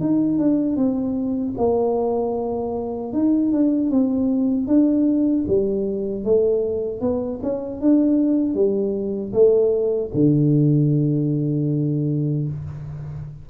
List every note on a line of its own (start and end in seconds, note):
0.00 0.38 D#4
0.38 0.76 D4
0.76 1.54 C4
1.57 3.12 A#3
3.12 3.51 D#4
3.51 3.90 D4
3.90 4.67 C4
4.67 5.45 D4
5.47 6.24 G3
6.24 7.01 A3
7.01 7.40 B3
7.42 7.80 C#4
7.80 8.54 D4
8.54 9.32 G3
9.32 10.10 A3
10.14 12.47 D3